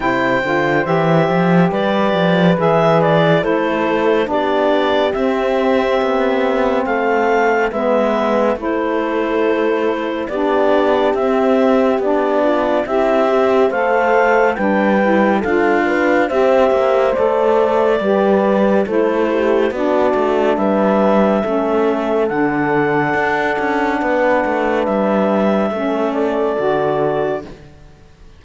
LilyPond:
<<
  \new Staff \with { instrumentName = "clarinet" } { \time 4/4 \tempo 4 = 70 g''4 e''4 d''4 e''8 d''8 | c''4 d''4 e''2 | f''4 e''4 c''2 | d''4 e''4 d''4 e''4 |
f''4 g''4 f''4 e''4 | d''2 c''4 d''4 | e''2 fis''2~ | fis''4 e''4. d''4. | }
  \new Staff \with { instrumentName = "horn" } { \time 4/4 c''2 b'2 | a'4 g'2. | a'4 b'4 a'2 | g'2~ g'8 f'8 e'8 g'8 |
c''4 b'4 a'8 b'8 c''4~ | c''4 b'4 a'8 g'8 fis'4 | b'4 a'2. | b'2 a'2 | }
  \new Staff \with { instrumentName = "saxophone" } { \time 4/4 e'8 f'8 g'2 gis'4 | e'4 d'4 c'2~ | c'4 b4 e'2 | d'4 c'4 d'4 g'4 |
a'4 d'8 e'8 f'4 g'4 | a'4 g'4 e'4 d'4~ | d'4 cis'4 d'2~ | d'2 cis'4 fis'4 | }
  \new Staff \with { instrumentName = "cello" } { \time 4/4 c8 d8 e8 f8 g8 f8 e4 | a4 b4 c'4 b4 | a4 gis4 a2 | b4 c'4 b4 c'4 |
a4 g4 d'4 c'8 ais8 | a4 g4 a4 b8 a8 | g4 a4 d4 d'8 cis'8 | b8 a8 g4 a4 d4 | }
>>